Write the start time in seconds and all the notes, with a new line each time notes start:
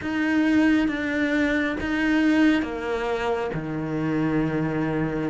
0.01 D#4
0.88 D4
1.80 D#4
2.62 A#3
3.53 D#3